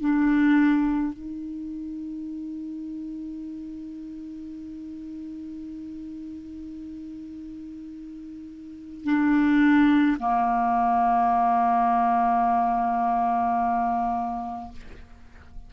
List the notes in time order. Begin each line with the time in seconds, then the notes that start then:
0.00 D4
1.13 D#4
9.04 D4
10.19 A#3